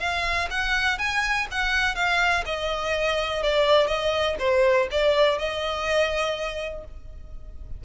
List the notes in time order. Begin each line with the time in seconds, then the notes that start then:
0.00 F5
0.51 F#5
0.99 G#5
1.51 F#5
1.95 F5
2.46 D#5
3.43 D5
3.87 D#5
4.39 C5
4.92 D5
5.39 D#5